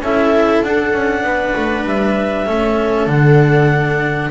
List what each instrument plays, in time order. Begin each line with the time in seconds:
0.00 double bass C#4, cello E4, viola A4, clarinet E5
0.62 double bass D4, cello D4, clarinet F#5
0.92 double bass C#4
1.23 double bass B3, viola B4
1.56 double bass A3
1.85 double bass G3, clarinet E5
2.46 double bass A3, cello C#4, viola A4
3.06 double bass D3, cello D4, clarinet F#5